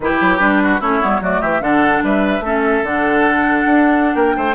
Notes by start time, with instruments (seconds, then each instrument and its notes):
0.00 bassoon E3, clarinet E4, oboe G4, flute B4
0.20 bassoon F#3
0.39 bassoon G3, clarinet D4
0.63 oboe F#4
0.80 bassoon A3, clarinet C#4, oboe E4, flute C#5
1.01 bassoon G3, clarinet B3
1.20 bassoon F#3, clarinet A3, oboe F#4, flute D5
1.41 bassoon E3, oboe G4, flute E5
1.60 bassoon D3, clarinet D4, oboe A4, flute F#5
2.03 bassoon G3, oboe B4, flute E5
2.40 bassoon A3, clarinet C#4, oboe A4
2.83 bassoon D3, clarinet D4, flute F#5
3.65 bassoon D4
4.15 bassoon A#3, oboe A#4, flute G5
4.36 bassoon A3, oboe C5